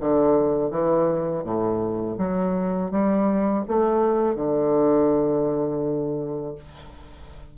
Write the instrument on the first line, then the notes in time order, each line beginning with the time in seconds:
bassoon
0.00 D3
0.71 E3
1.43 A2
2.18 F#3
2.91 G3
3.68 A3
4.35 D3